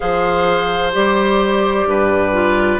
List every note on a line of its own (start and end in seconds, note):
0.00 0.94 F3
0.00 0.92 G#4
0.00 1.88 C5
0.00 0.92 F5
0.92 1.86 G3
0.92 2.32 G4
0.92 2.80 D5
1.86 2.80 G2
1.86 2.80 B4
2.32 2.79 F4